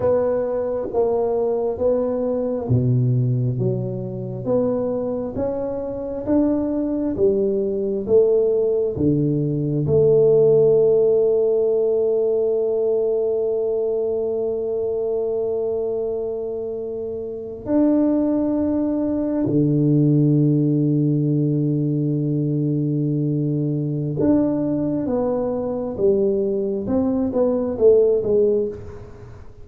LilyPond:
\new Staff \with { instrumentName = "tuba" } { \time 4/4 \tempo 4 = 67 b4 ais4 b4 b,4 | fis4 b4 cis'4 d'4 | g4 a4 d4 a4~ | a1~ |
a2.~ a8. d'16~ | d'4.~ d'16 d2~ d16~ | d2. d'4 | b4 g4 c'8 b8 a8 gis8 | }